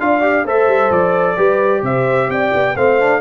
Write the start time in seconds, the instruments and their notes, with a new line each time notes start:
0.00 tuba D4, trombone F4, horn D5, trumpet F5
0.22 trombone G4
0.45 tuba A3, trombone A4, horn C5, trumpet E5
0.67 tuba G3
0.91 tuba F3, trumpet D5
1.37 tuba G3, trombone G4, horn B4
1.82 tuba C3, horn C5, trumpet E5
2.29 tuba C4, horn D5, trumpet G5
2.54 tuba B3
2.76 tuba A3, trombone C4, horn C5, trumpet F5
3.00 trombone D4